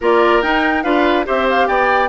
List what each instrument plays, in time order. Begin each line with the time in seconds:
0.01 bassoon A#3, clarinet F4, oboe A#4, flute D5
0.42 bassoon D#4, clarinet D#4, flute G5
0.82 bassoon D4, clarinet F4, oboe B4, flute F5
1.24 bassoon C4, clarinet G4, oboe C5, flute E5
1.49 flute F5
1.67 bassoon B3, oboe D5, flute G5